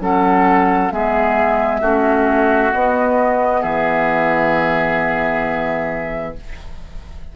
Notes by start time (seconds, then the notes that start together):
0.00 F#3 C#4 A4 F#5
0.91 G#3 B3 G#4 E5
1.81 A3 C#4 F#4
2.72 B3 D#5
3.61 E3 G#4 E5